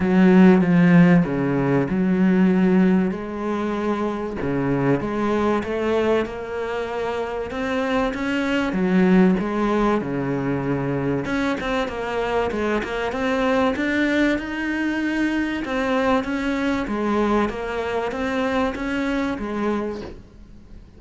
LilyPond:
\new Staff \with { instrumentName = "cello" } { \time 4/4 \tempo 4 = 96 fis4 f4 cis4 fis4~ | fis4 gis2 cis4 | gis4 a4 ais2 | c'4 cis'4 fis4 gis4 |
cis2 cis'8 c'8 ais4 | gis8 ais8 c'4 d'4 dis'4~ | dis'4 c'4 cis'4 gis4 | ais4 c'4 cis'4 gis4 | }